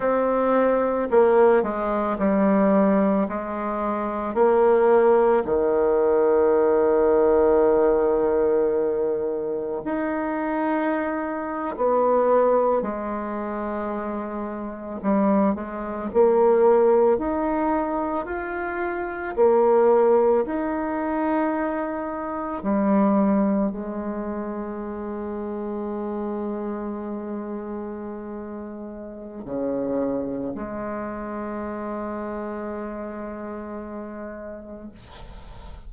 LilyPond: \new Staff \with { instrumentName = "bassoon" } { \time 4/4 \tempo 4 = 55 c'4 ais8 gis8 g4 gis4 | ais4 dis2.~ | dis4 dis'4.~ dis'16 b4 gis16~ | gis4.~ gis16 g8 gis8 ais4 dis'16~ |
dis'8. f'4 ais4 dis'4~ dis'16~ | dis'8. g4 gis2~ gis16~ | gis2. cis4 | gis1 | }